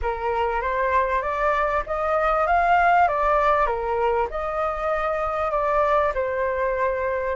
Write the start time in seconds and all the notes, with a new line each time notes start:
0.02 A#4
0.61 C5
1.22 D5
1.86 D#5
2.46 F5
3.08 D5
3.66 A#4
4.30 D#5
5.51 D5
6.14 C5